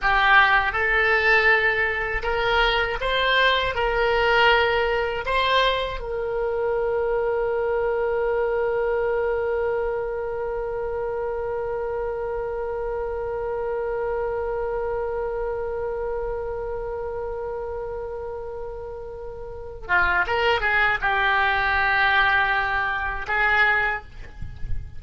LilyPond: \new Staff \with { instrumentName = "oboe" } { \time 4/4 \tempo 4 = 80 g'4 a'2 ais'4 | c''4 ais'2 c''4 | ais'1~ | ais'1~ |
ais'1~ | ais'1~ | ais'2~ ais'8 f'8 ais'8 gis'8 | g'2. gis'4 | }